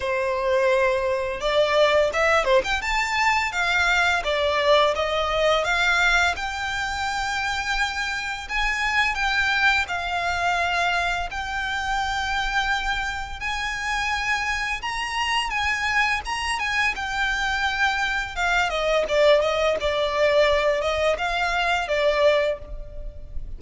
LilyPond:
\new Staff \with { instrumentName = "violin" } { \time 4/4 \tempo 4 = 85 c''2 d''4 e''8 c''16 g''16 | a''4 f''4 d''4 dis''4 | f''4 g''2. | gis''4 g''4 f''2 |
g''2. gis''4~ | gis''4 ais''4 gis''4 ais''8 gis''8 | g''2 f''8 dis''8 d''8 dis''8 | d''4. dis''8 f''4 d''4 | }